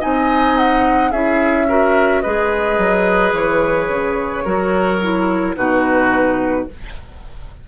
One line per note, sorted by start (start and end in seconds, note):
0.00 1.12 C4
0.00 1.11 D#4
0.00 1.11 D#5
0.00 0.57 G#5
0.58 1.12 F#5
1.11 2.24 C#4
1.11 1.69 E4
1.11 1.67 G#4
1.11 2.22 E5
1.69 2.24 F#4
1.69 2.23 A#4
2.22 2.78 G#3
2.22 4.46 G#4
2.22 4.45 B4
2.22 3.33 D#5
2.78 3.33 F#3
3.33 3.89 E3
3.33 5.56 C#5
3.89 4.44 C#3
4.45 5.56 F#3
4.45 5.01 F#4
4.45 5.56 A#4
5.02 5.56 E4
5.56 6.68 B2
5.56 6.68 D#4
5.56 6.68 F#4
5.56 6.67 B4